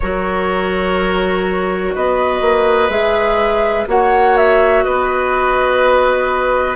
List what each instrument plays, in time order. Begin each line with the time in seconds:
0.00 bassoon F#3, clarinet F#4, oboe A#4, flute C#5
1.95 bassoon B3, oboe B4, flute D#5
2.41 bassoon A#3
2.89 bassoon G#3, clarinet G#4, flute E5
3.87 bassoon A#3, clarinet F#4, oboe C#5, flute F#5
4.37 flute E5
4.83 bassoon B3, oboe B4, flute D#5